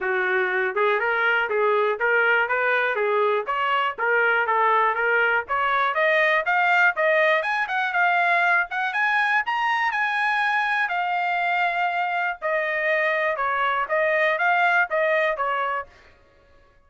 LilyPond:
\new Staff \with { instrumentName = "trumpet" } { \time 4/4 \tempo 4 = 121 fis'4. gis'8 ais'4 gis'4 | ais'4 b'4 gis'4 cis''4 | ais'4 a'4 ais'4 cis''4 | dis''4 f''4 dis''4 gis''8 fis''8 |
f''4. fis''8 gis''4 ais''4 | gis''2 f''2~ | f''4 dis''2 cis''4 | dis''4 f''4 dis''4 cis''4 | }